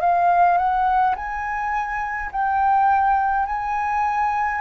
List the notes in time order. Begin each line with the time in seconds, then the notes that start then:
0.00 F5
0.58 F#5
1.15 G#5
2.31 G5
3.46 G#5